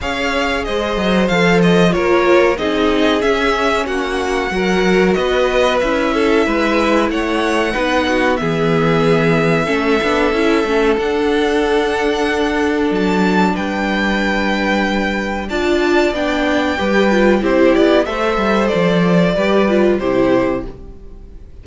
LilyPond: <<
  \new Staff \with { instrumentName = "violin" } { \time 4/4 \tempo 4 = 93 f''4 dis''4 f''8 dis''8 cis''4 | dis''4 e''4 fis''2 | dis''4 e''2 fis''4~ | fis''4 e''2.~ |
e''4 fis''2. | a''4 g''2. | a''4 g''2 c''8 d''8 | e''4 d''2 c''4 | }
  \new Staff \with { instrumentName = "violin" } { \time 4/4 cis''4 c''2 ais'4 | gis'2 fis'4 ais'4 | b'4. a'8 b'4 cis''4 | b'8 fis'8 gis'2 a'4~ |
a'1~ | a'4 b'2. | d''2 b'4 g'4 | c''2 b'4 g'4 | }
  \new Staff \with { instrumentName = "viola" } { \time 4/4 gis'2 a'4 f'4 | dis'4 cis'2 fis'4~ | fis'4 e'2. | dis'4 b2 cis'8 d'8 |
e'8 cis'8 d'2.~ | d'1 | f'4 d'4 g'8 f'8 e'4 | a'2 g'8 f'8 e'4 | }
  \new Staff \with { instrumentName = "cello" } { \time 4/4 cis'4 gis8 fis8 f4 ais4 | c'4 cis'4 ais4 fis4 | b4 cis'4 gis4 a4 | b4 e2 a8 b8 |
cis'8 a8 d'2. | fis4 g2. | d'4 b4 g4 c'8 b8 | a8 g8 f4 g4 c4 | }
>>